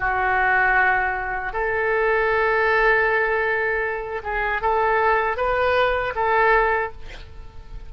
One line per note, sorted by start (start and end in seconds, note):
0.00 1.53 F#4
1.53 4.22 A4
4.23 4.62 G#4
4.62 5.37 A4
5.37 6.14 B4
6.15 6.92 A4